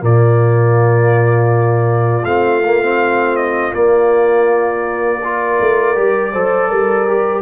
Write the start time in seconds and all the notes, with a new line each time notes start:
0.00 A#2 A#3 F4 D5
2.24 A3 C4 F5
2.64 A#3
2.82 C4
3.36 D#5
3.73 A#3 D5
5.23 F4 A#4
5.60 A3
5.95 G3 G4
6.32 F#3 A4 C5
6.68 G3 A#4
7.07 G4